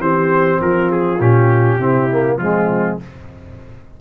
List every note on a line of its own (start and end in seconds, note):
0.00 0.59 E3
0.00 1.20 C4
0.00 0.61 G4
0.00 0.61 C5
0.61 1.20 F3
0.61 1.79 F4
0.61 0.92 A#4
0.92 1.21 G#4
1.20 1.79 A#2
1.20 1.80 C#4
1.20 2.38 G4
1.79 2.37 C3
1.79 2.10 C4
1.79 2.38 E4
2.11 2.40 A#3
2.37 2.97 F3
2.37 3.01 G#3
2.37 3.01 C4
2.37 2.98 F4